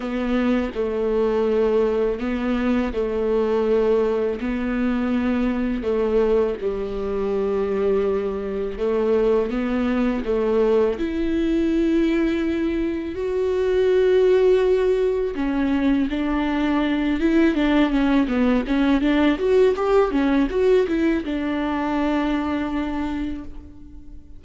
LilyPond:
\new Staff \with { instrumentName = "viola" } { \time 4/4 \tempo 4 = 82 b4 a2 b4 | a2 b2 | a4 g2. | a4 b4 a4 e'4~ |
e'2 fis'2~ | fis'4 cis'4 d'4. e'8 | d'8 cis'8 b8 cis'8 d'8 fis'8 g'8 cis'8 | fis'8 e'8 d'2. | }